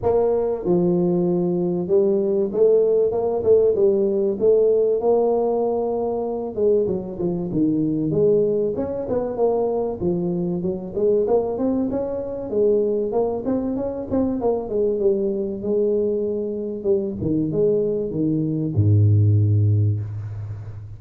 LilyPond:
\new Staff \with { instrumentName = "tuba" } { \time 4/4 \tempo 4 = 96 ais4 f2 g4 | a4 ais8 a8 g4 a4 | ais2~ ais8 gis8 fis8 f8 | dis4 gis4 cis'8 b8 ais4 |
f4 fis8 gis8 ais8 c'8 cis'4 | gis4 ais8 c'8 cis'8 c'8 ais8 gis8 | g4 gis2 g8 dis8 | gis4 dis4 gis,2 | }